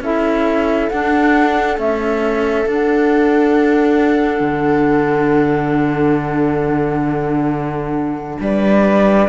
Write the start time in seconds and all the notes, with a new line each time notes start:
0.00 C#4 E4 A4 E5
0.89 D4 F#5
1.76 A3 C#4 E5
2.66 D4 F#5
4.40 D3
8.40 G3 B4 D5